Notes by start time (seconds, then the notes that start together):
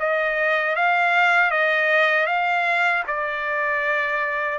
0.00 D#5
0.76 F5
1.51 D#5
2.27 F5
3.08 D5